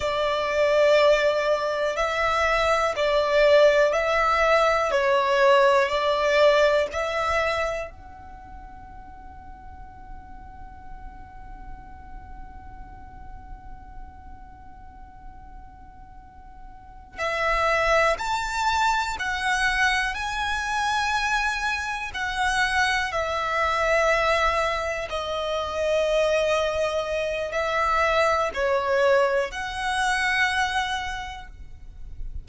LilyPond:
\new Staff \with { instrumentName = "violin" } { \time 4/4 \tempo 4 = 61 d''2 e''4 d''4 | e''4 cis''4 d''4 e''4 | fis''1~ | fis''1~ |
fis''4. e''4 a''4 fis''8~ | fis''8 gis''2 fis''4 e''8~ | e''4. dis''2~ dis''8 | e''4 cis''4 fis''2 | }